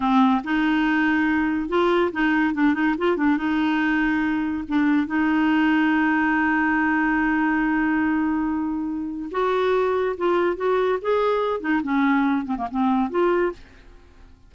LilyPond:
\new Staff \with { instrumentName = "clarinet" } { \time 4/4 \tempo 4 = 142 c'4 dis'2. | f'4 dis'4 d'8 dis'8 f'8 d'8 | dis'2. d'4 | dis'1~ |
dis'1~ | dis'2 fis'2 | f'4 fis'4 gis'4. dis'8 | cis'4. c'16 ais16 c'4 f'4 | }